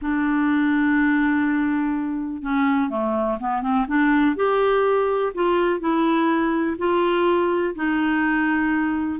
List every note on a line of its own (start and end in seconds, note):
0.01 2.42 D4
2.42 2.90 C#4
2.90 3.38 A3
3.40 3.62 B3
3.62 3.86 C4
3.87 4.35 D4
4.35 5.32 G4
5.34 5.80 F4
5.80 6.77 E4
6.77 7.74 F4
7.75 9.19 D#4